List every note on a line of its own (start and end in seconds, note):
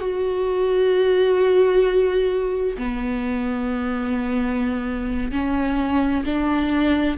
0.00 2.77 F#4
2.78 5.32 B3
5.32 6.24 C#4
6.25 7.17 D4